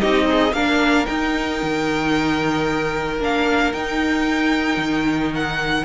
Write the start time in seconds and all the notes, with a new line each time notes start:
0.00 C4 D#4 G4 D#5
0.25 D#4 G#4
0.52 A#3 D4 A#4 F5
1.05 D#4 G5
1.62 D#3
3.19 A#3 D4 F5
3.72 D#4 G5
4.77 D#3
5.35 F#5